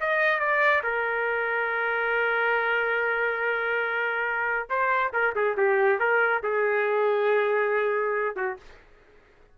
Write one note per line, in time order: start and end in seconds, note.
0.00 0.39 D#5
0.39 0.82 D5
0.83 4.69 A#4
4.69 5.12 C5
5.13 5.34 A#4
5.35 5.57 G#4
5.57 5.99 G4
5.99 6.42 A#4
6.42 8.35 G#4
8.36 8.57 F#4